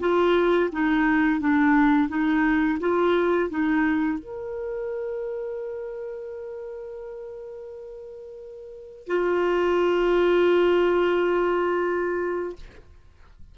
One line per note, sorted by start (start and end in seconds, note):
0.00 0.70 F4
0.72 1.40 D#4
1.40 2.09 D4
2.09 2.78 D#4
2.80 3.49 F4
3.49 4.19 D#4
4.19 9.07 A#4
9.07 12.56 F4